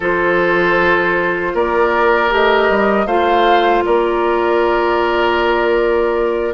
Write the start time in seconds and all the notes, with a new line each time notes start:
0.00 F3 F4 A4 C5
1.54 A#3 A#4 D5
2.30 A3 G4 D#5
2.69 G3
3.06 A3 F4 C5 F5
3.85 A#3 A#4 D5